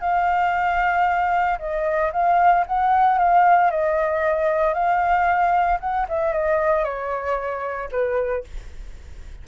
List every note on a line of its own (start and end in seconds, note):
0.00 1.58 F5
1.58 2.11 D#5
2.12 2.65 F5
2.66 3.18 F#5
3.18 3.70 F5
3.70 4.73 D#5
4.73 5.79 F5
5.80 6.06 F#5
6.08 6.33 E5
6.33 6.84 D#5
6.84 7.89 C#5
7.91 8.44 B4